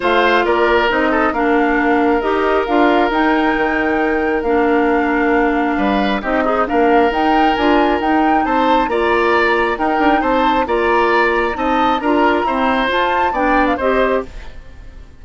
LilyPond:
<<
  \new Staff \with { instrumentName = "flute" } { \time 4/4 \tempo 4 = 135 f''4 d''4 dis''4 f''4~ | f''4 dis''4 f''4 g''4~ | g''2 f''2~ | f''2 dis''4 f''4 |
g''4 gis''4 g''4 a''4 | ais''2 g''4 a''4 | ais''2 a''4 ais''4~ | ais''4 a''4 g''8. f''16 dis''4 | }
  \new Staff \with { instrumentName = "oboe" } { \time 4/4 c''4 ais'4. a'8 ais'4~ | ais'1~ | ais'1~ | ais'4 b'4 g'8 dis'8 ais'4~ |
ais'2. c''4 | d''2 ais'4 c''4 | d''2 dis''4 ais'4 | c''2 d''4 c''4 | }
  \new Staff \with { instrumentName = "clarinet" } { \time 4/4 f'2 dis'4 d'4~ | d'4 g'4 f'4 dis'4~ | dis'2 d'2~ | d'2 dis'8 gis'8 d'4 |
dis'4 f'4 dis'2 | f'2 dis'2 | f'2 dis'4 f'4 | c'4 f'4 d'4 g'4 | }
  \new Staff \with { instrumentName = "bassoon" } { \time 4/4 a4 ais4 c'4 ais4~ | ais4 dis'4 d'4 dis'4 | dis2 ais2~ | ais4 g4 c'4 ais4 |
dis'4 d'4 dis'4 c'4 | ais2 dis'8 d'8 c'4 | ais2 c'4 d'4 | e'4 f'4 b4 c'4 | }
>>